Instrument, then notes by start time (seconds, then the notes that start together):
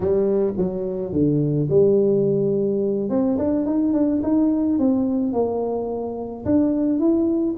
tuba
0.00 G3
0.57 F#3
1.12 D3
1.69 G3
3.09 C4
3.37 D4
3.66 D#4
3.93 D4
4.23 D#4
4.78 C4
5.32 A#3
6.45 D4
6.99 E4